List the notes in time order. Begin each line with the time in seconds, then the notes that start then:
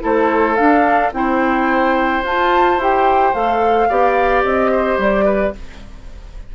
0.00 A3 E4 A4 C5
0.56 D4 F5
1.12 C4 E4 C5 G5
2.23 F4 A5
2.77 E4 G4 G5
3.34 A3 A4 F5
3.88 B3 G4 D5
4.44 C4 D#5
4.71 C5
4.98 G3 D5
5.24 B4